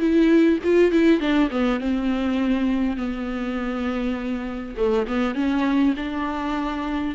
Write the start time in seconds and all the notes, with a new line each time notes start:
0.00 E4
0.64 F4
0.92 E4
1.21 D4
1.51 B3
1.81 C4
2.97 B3
4.77 A3
5.08 B3
5.35 C#4
5.97 D4